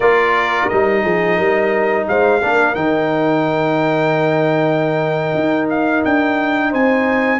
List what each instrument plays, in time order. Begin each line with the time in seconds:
0.00 tuba A#3, trombone F4, horn A#4, trumpet D5
0.68 tuba G3, trombone D#4, trumpet D#5
1.03 tuba F3, horn G#4
1.37 tuba G3, horn A#4
2.08 tuba G#3, horn C5, trumpet F5
2.41 tuba A#3, trombone D4, horn A#4
2.74 tuba D#3, trombone D#4, trumpet G5
5.34 tuba D#4
5.69 trumpet F5
6.04 tuba D4, trumpet G5
6.70 tuba C4, horn C5, trumpet G#5